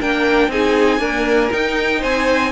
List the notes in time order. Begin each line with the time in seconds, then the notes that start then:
0.00 A#3 D4 A#4 G5
0.48 C4 D#4 G#4 G#5
0.99 A#3 D4 A#4
1.52 D#4 G5
2.00 C4 C5 G#5